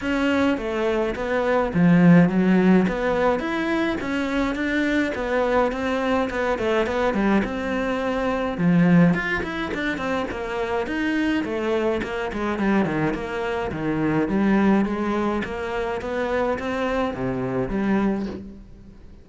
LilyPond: \new Staff \with { instrumentName = "cello" } { \time 4/4 \tempo 4 = 105 cis'4 a4 b4 f4 | fis4 b4 e'4 cis'4 | d'4 b4 c'4 b8 a8 | b8 g8 c'2 f4 |
f'8 e'8 d'8 c'8 ais4 dis'4 | a4 ais8 gis8 g8 dis8 ais4 | dis4 g4 gis4 ais4 | b4 c'4 c4 g4 | }